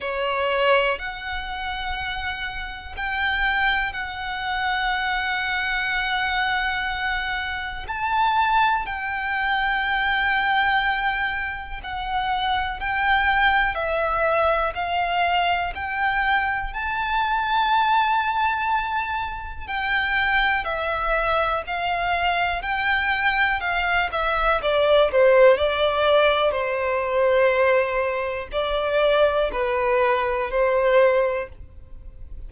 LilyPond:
\new Staff \with { instrumentName = "violin" } { \time 4/4 \tempo 4 = 61 cis''4 fis''2 g''4 | fis''1 | a''4 g''2. | fis''4 g''4 e''4 f''4 |
g''4 a''2. | g''4 e''4 f''4 g''4 | f''8 e''8 d''8 c''8 d''4 c''4~ | c''4 d''4 b'4 c''4 | }